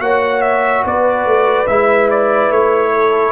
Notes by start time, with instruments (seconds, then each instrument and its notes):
0.00 tuba A#3, trombone F#4, horn C#5, trumpet F#5
0.41 trumpet E5
0.85 tuba B3, horn B4, trumpet D5
1.26 tuba A3
1.67 tuba G#3, trombone E4, trumpet E5
2.10 trumpet D5
2.50 tuba A3, trumpet C#5
2.93 horn A4